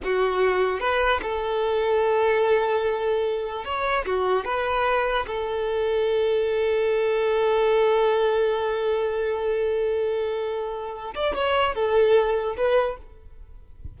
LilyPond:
\new Staff \with { instrumentName = "violin" } { \time 4/4 \tempo 4 = 148 fis'2 b'4 a'4~ | a'1~ | a'4 cis''4 fis'4 b'4~ | b'4 a'2.~ |
a'1~ | a'1~ | a'2.~ a'8 d''8 | cis''4 a'2 b'4 | }